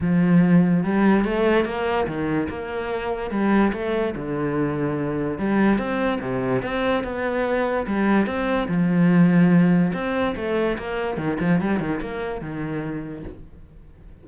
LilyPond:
\new Staff \with { instrumentName = "cello" } { \time 4/4 \tempo 4 = 145 f2 g4 a4 | ais4 dis4 ais2 | g4 a4 d2~ | d4 g4 c'4 c4 |
c'4 b2 g4 | c'4 f2. | c'4 a4 ais4 dis8 f8 | g8 dis8 ais4 dis2 | }